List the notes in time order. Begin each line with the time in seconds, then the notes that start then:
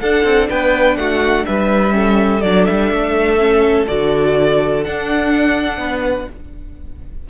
0.00 D4 A4 F#5
0.24 C4
0.50 B3 B4 G5
0.97 A3 F#4 F#5
1.46 G3 B4 E5
1.91 C#4 A4
2.42 F#3 D4 D5
2.65 G3 E5
2.92 A3
3.39 C#4
3.87 D3 F#4 D5
4.84 D4 F#5
5.78 B3 B4